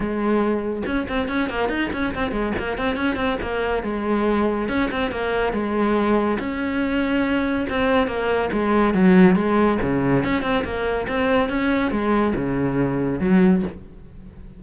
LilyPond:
\new Staff \with { instrumentName = "cello" } { \time 4/4 \tempo 4 = 141 gis2 cis'8 c'8 cis'8 ais8 | dis'8 cis'8 c'8 gis8 ais8 c'8 cis'8 c'8 | ais4 gis2 cis'8 c'8 | ais4 gis2 cis'4~ |
cis'2 c'4 ais4 | gis4 fis4 gis4 cis4 | cis'8 c'8 ais4 c'4 cis'4 | gis4 cis2 fis4 | }